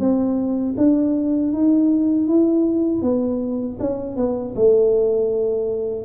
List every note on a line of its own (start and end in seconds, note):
0.00 0.76 C4
0.78 1.53 D4
1.53 2.28 D#4
2.28 3.02 E4
3.02 3.78 B3
3.80 4.17 C#4
4.17 4.55 B3
4.56 6.06 A3